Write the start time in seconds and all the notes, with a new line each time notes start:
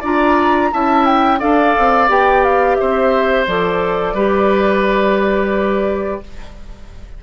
0.00 D4 F4 D5 A#5
0.72 C#4 E4 E5 A5
1.06 G5
1.40 D4 A4 D5 F5
1.79 C4
2.08 B3 G4 G5
2.44 F5
2.76 C4 C5 E5
3.47 F3 A4 D5
4.14 G3 G4 B4